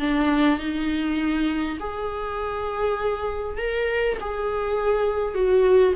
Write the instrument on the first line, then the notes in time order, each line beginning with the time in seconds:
viola
0.00 D4
0.59 D#4
1.80 G#4
3.58 A#4
4.21 G#4
5.35 F#4